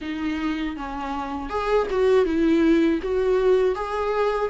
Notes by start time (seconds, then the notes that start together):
0.01 D#4
0.76 C#4
1.49 G#4
1.90 F#4
2.25 E4
3.02 F#4
3.75 G#4